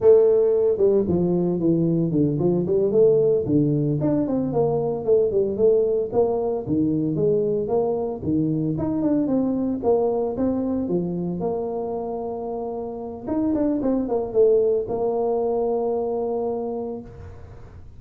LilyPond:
\new Staff \with { instrumentName = "tuba" } { \time 4/4 \tempo 4 = 113 a4. g8 f4 e4 | d8 f8 g8 a4 d4 d'8 | c'8 ais4 a8 g8 a4 ais8~ | ais8 dis4 gis4 ais4 dis8~ |
dis8 dis'8 d'8 c'4 ais4 c'8~ | c'8 f4 ais2~ ais8~ | ais4 dis'8 d'8 c'8 ais8 a4 | ais1 | }